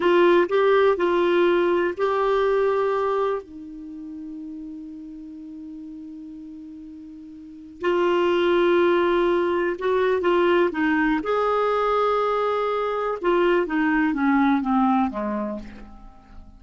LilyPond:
\new Staff \with { instrumentName = "clarinet" } { \time 4/4 \tempo 4 = 123 f'4 g'4 f'2 | g'2. dis'4~ | dis'1~ | dis'1 |
f'1 | fis'4 f'4 dis'4 gis'4~ | gis'2. f'4 | dis'4 cis'4 c'4 gis4 | }